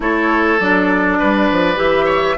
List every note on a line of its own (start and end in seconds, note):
0.00 0.59 A3
0.00 0.58 E4
0.00 1.18 A4
0.00 0.60 C#5
0.59 1.19 F#3
0.59 1.76 D4
0.59 1.78 D5
1.18 1.51 G3
1.18 2.05 B4
1.51 1.76 F3
1.76 2.35 E3
1.76 2.35 G4
1.76 2.37 E5
2.05 2.35 C#5